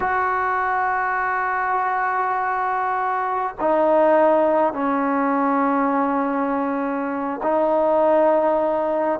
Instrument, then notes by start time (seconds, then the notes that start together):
trombone
0.00 F#4
3.59 D#4
4.73 C#4
7.43 D#4